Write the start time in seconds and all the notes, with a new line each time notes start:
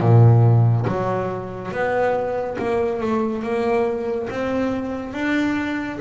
0.00 A#2
0.86 F#3
1.71 B3
2.58 A#3
3.00 A3
3.42 A#3
4.29 C4
5.13 D4